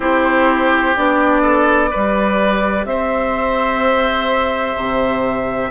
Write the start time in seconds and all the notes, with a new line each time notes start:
0.00 C4 E4 G4 C5
0.96 B3 D4 D5
1.42 A4
1.90 G3 G4 B4
2.85 C4 C5 E5
4.76 C3